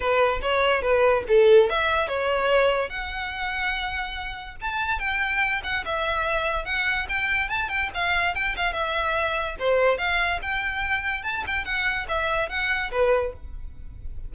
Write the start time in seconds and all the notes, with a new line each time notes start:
0.00 B4
0.41 C#5
0.82 B4
1.27 A4
1.69 E5
2.08 C#5
2.89 F#5
4.61 A5
4.99 G5
5.63 F#5
5.85 E5
6.65 F#5
7.08 G5
7.48 A5
7.68 G5
7.94 F5
8.34 G5
8.56 F5
8.72 E5
9.59 C5
9.98 F5
10.42 G5
11.23 A5
11.46 G5
11.64 F#5
12.08 E5
12.49 F#5
12.91 B4